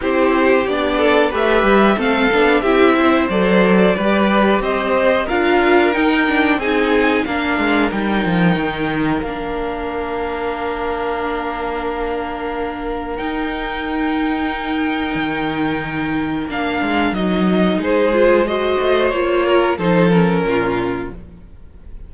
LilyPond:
<<
  \new Staff \with { instrumentName = "violin" } { \time 4/4 \tempo 4 = 91 c''4 d''4 e''4 f''4 | e''4 d''2 dis''4 | f''4 g''4 gis''4 f''4 | g''2 f''2~ |
f''1 | g''1~ | g''4 f''4 dis''4 c''4 | dis''4 cis''4 c''8 ais'4. | }
  \new Staff \with { instrumentName = "violin" } { \time 4/4 g'4. a'8 b'4 a'4 | g'8 c''4. b'4 c''4 | ais'2 gis'4 ais'4~ | ais'1~ |
ais'1~ | ais'1~ | ais'2. gis'4 | c''4. ais'8 a'4 f'4 | }
  \new Staff \with { instrumentName = "viola" } { \time 4/4 e'4 d'4 g'4 c'8 d'8 | e'4 a'4 g'2 | f'4 dis'8 d'8 dis'4 d'4 | dis'2 d'2~ |
d'1 | dis'1~ | dis'4 d'4 dis'4. f'8 | fis'4 f'4 dis'8 cis'4. | }
  \new Staff \with { instrumentName = "cello" } { \time 4/4 c'4 b4 a8 g8 a8 b8 | c'4 fis4 g4 c'4 | d'4 dis'4 c'4 ais8 gis8 | g8 f8 dis4 ais2~ |
ais1 | dis'2. dis4~ | dis4 ais8 gis8 fis4 gis4~ | gis8 a8 ais4 f4 ais,4 | }
>>